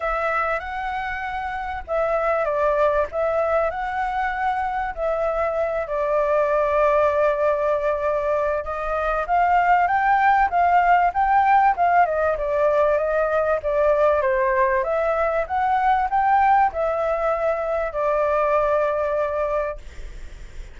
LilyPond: \new Staff \with { instrumentName = "flute" } { \time 4/4 \tempo 4 = 97 e''4 fis''2 e''4 | d''4 e''4 fis''2 | e''4. d''2~ d''8~ | d''2 dis''4 f''4 |
g''4 f''4 g''4 f''8 dis''8 | d''4 dis''4 d''4 c''4 | e''4 fis''4 g''4 e''4~ | e''4 d''2. | }